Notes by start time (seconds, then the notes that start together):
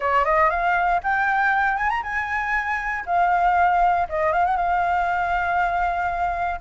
0.00 C#5
0.24 D#5
0.49 F5
1.03 G5
1.77 G#5
1.89 A#5
2.02 G#5
3.06 F5
4.09 D#5
4.32 F5
4.45 F#5
4.56 F5